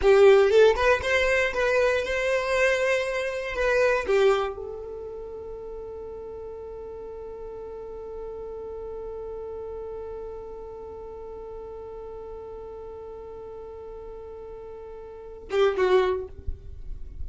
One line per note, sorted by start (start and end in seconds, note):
0.01 0.49 G4
0.49 0.75 A4
0.75 1.01 B4
1.02 1.53 C5
1.53 2.04 B4
2.05 3.55 C5
3.55 4.06 B4
4.06 4.55 G4
4.55 15.49 A4
15.51 15.76 G4
15.76 16.27 F#4